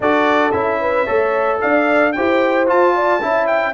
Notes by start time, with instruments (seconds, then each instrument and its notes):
0.00 tuba D4, trombone F#4, horn A4, trumpet D5
0.51 tuba C#4, trombone E4, trumpet E5
0.80 horn B4
1.05 tuba A3, trombone A4, horn C#5
1.60 tuba D4, horn D5, trumpet F5
2.12 tuba E4, trombone G4, horn C5, trumpet G5
2.66 trombone F4, tuba F4, trumpet A5
2.95 horn D5
3.21 tuba C#4, trombone E4, horn E5
3.47 trumpet G5